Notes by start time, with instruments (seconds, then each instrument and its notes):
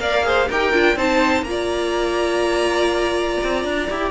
0.00 cello A#3, viola A#4, violin D5 F5
0.23 viola G#4, violin C5
0.48 cello D#4, viola G4, violin A#4 G5
0.73 cello D4, viola F4
0.96 cello C4, viola D#4, violin C5 A5
1.43 cello A#3, viola F4, violin A#5
1.51 violin D5
3.44 cello C4
3.65 cello D4
3.90 cello E4, viola G4